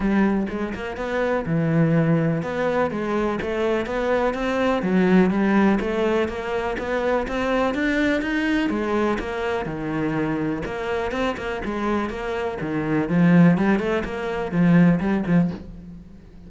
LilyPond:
\new Staff \with { instrumentName = "cello" } { \time 4/4 \tempo 4 = 124 g4 gis8 ais8 b4 e4~ | e4 b4 gis4 a4 | b4 c'4 fis4 g4 | a4 ais4 b4 c'4 |
d'4 dis'4 gis4 ais4 | dis2 ais4 c'8 ais8 | gis4 ais4 dis4 f4 | g8 a8 ais4 f4 g8 f8 | }